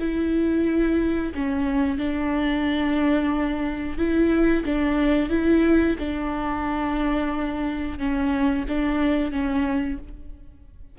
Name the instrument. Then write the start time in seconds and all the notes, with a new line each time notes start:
viola
0.00 E4
1.35 C#4
1.98 D4
3.98 E4
4.65 D4
5.30 E4
5.99 D4
7.99 C#4
8.68 D4
9.32 C#4